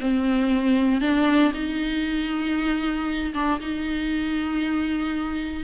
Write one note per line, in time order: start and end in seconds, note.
0.00 1.01 C4
1.01 1.52 D4
1.54 3.33 D#4
3.34 3.60 D4
3.60 5.63 D#4